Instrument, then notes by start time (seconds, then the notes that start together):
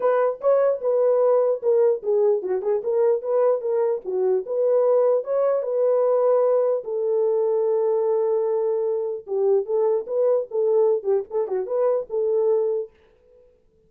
horn
0.00 B4
0.40 C#5
0.81 B4
1.62 A#4
2.02 G#4
2.42 F#4
2.62 G#4
2.83 A#4
3.22 B4
3.61 A#4
4.04 F#4
4.46 B4
5.23 C#5
5.62 B4
6.84 A4
9.26 G4
9.65 A4
10.07 B4
10.51 A4
11.03 G4
11.30 A4
11.47 F#4
11.66 B4
12.09 A4